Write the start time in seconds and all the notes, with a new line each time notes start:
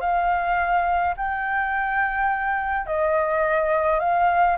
0.00 F5
1.16 G5
2.86 D#5
3.99 F5